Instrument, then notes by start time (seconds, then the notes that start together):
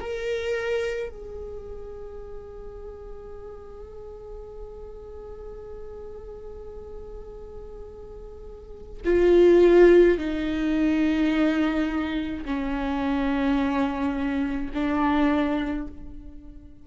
viola
0.00 A#4
1.10 G#4
9.05 F4
10.18 D#4
12.45 C#4
14.74 D4